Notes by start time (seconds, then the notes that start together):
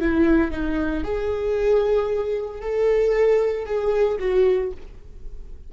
0.00 E4
0.51 D#4
1.04 G#4
2.61 A4
3.66 G#4
4.19 F#4